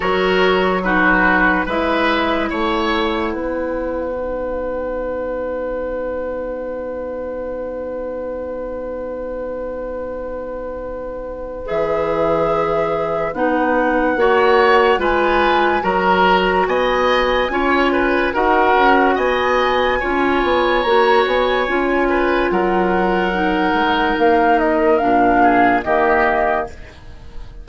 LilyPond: <<
  \new Staff \with { instrumentName = "flute" } { \time 4/4 \tempo 4 = 72 cis''4 b'4 e''4 fis''4~ | fis''1~ | fis''1~ | fis''2 e''2 |
fis''2 gis''4 ais''4 | gis''2 fis''4 gis''4~ | gis''4 ais''8 gis''4. fis''4~ | fis''4 f''8 dis''8 f''4 dis''4 | }
  \new Staff \with { instrumentName = "oboe" } { \time 4/4 ais'4 fis'4 b'4 cis''4 | b'1~ | b'1~ | b'1~ |
b'4 cis''4 b'4 ais'4 | dis''4 cis''8 b'8 ais'4 dis''4 | cis''2~ cis''8 b'8 ais'4~ | ais'2~ ais'8 gis'8 g'4 | }
  \new Staff \with { instrumentName = "clarinet" } { \time 4/4 fis'4 dis'4 e'2~ | e'4 dis'2.~ | dis'1~ | dis'2 gis'2 |
dis'4 fis'4 f'4 fis'4~ | fis'4 f'4 fis'2 | f'4 fis'4 f'2 | dis'2 d'4 ais4 | }
  \new Staff \with { instrumentName = "bassoon" } { \time 4/4 fis2 gis4 a4 | b1~ | b1~ | b2 e2 |
b4 ais4 gis4 fis4 | b4 cis'4 dis'8 cis'8 b4 | cis'8 b8 ais8 b8 cis'4 fis4~ | fis8 gis8 ais4 ais,4 dis4 | }
>>